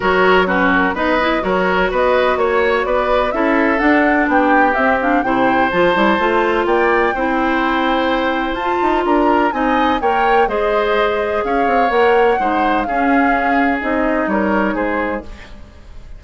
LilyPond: <<
  \new Staff \with { instrumentName = "flute" } { \time 4/4 \tempo 4 = 126 cis''4 b'8 ais'8 dis''4 cis''4 | dis''4 cis''4 d''4 e''4 | fis''4 g''4 e''8 f''8 g''4 | a''2 g''2~ |
g''2 a''4 ais''4 | gis''4 g''4 dis''2 | f''4 fis''2 f''4~ | f''4 dis''4 cis''4 c''4 | }
  \new Staff \with { instrumentName = "oboe" } { \time 4/4 ais'4 fis'4 b'4 ais'4 | b'4 cis''4 b'4 a'4~ | a'4 g'2 c''4~ | c''2 d''4 c''4~ |
c''2. ais'4 | dis''4 cis''4 c''2 | cis''2 c''4 gis'4~ | gis'2 ais'4 gis'4 | }
  \new Staff \with { instrumentName = "clarinet" } { \time 4/4 fis'4 cis'4 dis'8 e'8 fis'4~ | fis'2. e'4 | d'2 c'8 d'8 e'4 | f'8 e'8 f'2 e'4~ |
e'2 f'2 | dis'4 ais'4 gis'2~ | gis'4 ais'4 dis'4 cis'4~ | cis'4 dis'2. | }
  \new Staff \with { instrumentName = "bassoon" } { \time 4/4 fis2 b4 fis4 | b4 ais4 b4 cis'4 | d'4 b4 c'4 c4 | f8 g8 a4 ais4 c'4~ |
c'2 f'8 dis'8 d'4 | c'4 ais4 gis2 | cis'8 c'8 ais4 gis4 cis'4~ | cis'4 c'4 g4 gis4 | }
>>